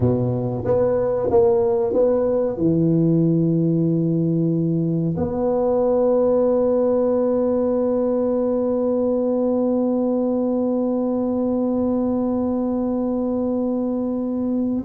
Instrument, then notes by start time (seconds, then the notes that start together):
tuba
0.00 B2
0.64 B3
1.30 A#3
1.93 B3
2.57 E3
5.16 B3